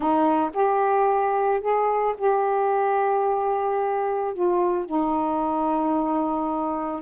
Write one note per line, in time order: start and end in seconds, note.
0.00 0.50 D#4
0.53 1.60 G4
1.60 2.14 G#4
2.17 4.33 G4
4.33 4.85 F4
4.85 7.01 D#4